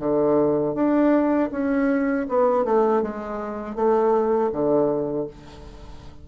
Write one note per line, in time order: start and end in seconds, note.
0.00 0.75 D3
0.75 1.50 D4
1.52 2.27 C#4
2.29 2.65 B3
2.65 3.02 A3
3.02 3.76 G#3
3.76 4.51 A3
4.52 5.27 D3